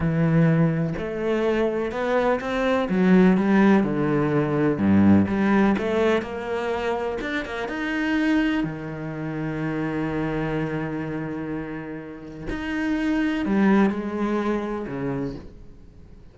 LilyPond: \new Staff \with { instrumentName = "cello" } { \time 4/4 \tempo 4 = 125 e2 a2 | b4 c'4 fis4 g4 | d2 g,4 g4 | a4 ais2 d'8 ais8 |
dis'2 dis2~ | dis1~ | dis2 dis'2 | g4 gis2 cis4 | }